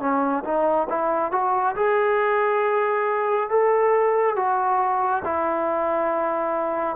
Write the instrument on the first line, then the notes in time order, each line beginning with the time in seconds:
trombone
0.00 C#4
0.44 D#4
0.89 E4
1.32 F#4
1.76 G#4
3.50 A4
4.36 F#4
5.25 E4